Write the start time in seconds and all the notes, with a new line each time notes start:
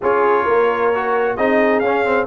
0.01 C#4 F4 G#4 C#5
0.43 A#3 A#4
0.94 F#4
1.36 C4 D#4 G#4 D#5
1.79 C#4 F5
2.04 C4